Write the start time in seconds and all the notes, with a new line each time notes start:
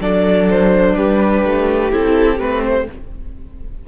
0.00 F#3 D4 A4 D5
0.50 C5
0.95 G3 G4 B4
1.45 A3
1.90 C4 E4 A4
2.38 A3 C4 B4
2.64 C5